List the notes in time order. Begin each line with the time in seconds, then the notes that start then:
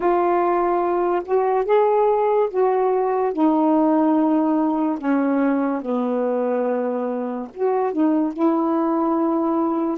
0.00 F4
1.25 F#4
1.65 G#4
2.50 F#4
3.33 D#4
4.98 C#4
5.81 B3
7.53 F#4
7.92 D#4
8.33 E4